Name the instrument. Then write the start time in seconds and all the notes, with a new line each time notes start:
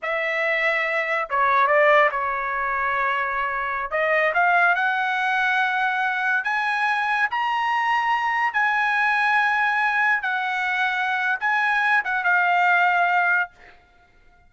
trumpet
0.02 E5
1.29 C#5
1.67 D5
2.11 C#5
3.90 D#5
4.33 F5
4.75 F#5
6.44 G#5
7.30 A#5
8.53 G#5
10.22 F#5
11.40 G#5
12.04 F#5
12.24 F5